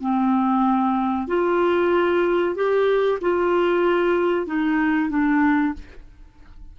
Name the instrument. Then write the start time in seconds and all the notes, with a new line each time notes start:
clarinet
0.00 C4
1.27 F4
2.55 G4
3.21 F4
4.46 D#4
5.09 D4